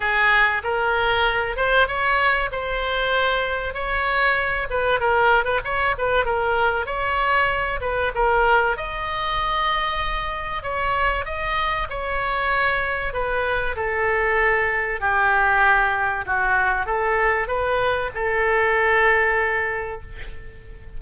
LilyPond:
\new Staff \with { instrumentName = "oboe" } { \time 4/4 \tempo 4 = 96 gis'4 ais'4. c''8 cis''4 | c''2 cis''4. b'8 | ais'8. b'16 cis''8 b'8 ais'4 cis''4~ | cis''8 b'8 ais'4 dis''2~ |
dis''4 cis''4 dis''4 cis''4~ | cis''4 b'4 a'2 | g'2 fis'4 a'4 | b'4 a'2. | }